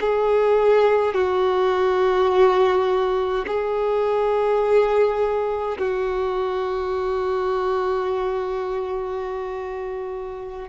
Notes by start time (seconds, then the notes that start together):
0.00 G#4
1.14 F#4
3.47 G#4
5.78 F#4